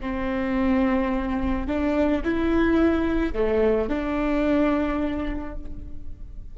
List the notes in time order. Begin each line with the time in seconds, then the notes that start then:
0.00 C4
1.67 D4
2.24 E4
3.33 A3
3.88 D4